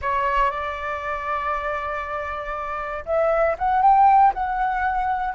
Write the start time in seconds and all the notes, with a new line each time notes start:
0.01 C#5
0.50 D5
3.05 E5
3.58 F#5
3.82 G5
4.33 F#5